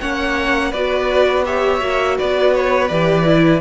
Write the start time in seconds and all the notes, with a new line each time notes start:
0.00 A#3 C#4 C#5 F#5
0.70 B3 F#4 B4 D5
1.44 G4 C#5 E5
1.80 A#3 F#4
2.17 B3 B4 D5
2.54 C#5
2.88 E3 G4 D5
3.25 E4